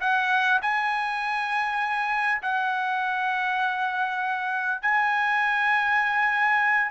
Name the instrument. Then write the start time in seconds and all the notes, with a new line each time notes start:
trumpet
0.00 F#5
0.62 G#5
2.42 F#5
4.81 G#5